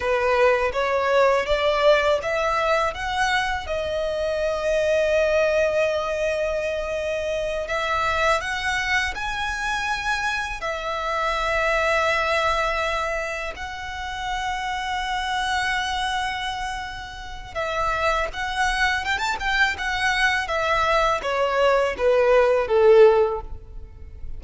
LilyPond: \new Staff \with { instrumentName = "violin" } { \time 4/4 \tempo 4 = 82 b'4 cis''4 d''4 e''4 | fis''4 dis''2.~ | dis''2~ dis''8 e''4 fis''8~ | fis''8 gis''2 e''4.~ |
e''2~ e''8 fis''4.~ | fis''1 | e''4 fis''4 g''16 a''16 g''8 fis''4 | e''4 cis''4 b'4 a'4 | }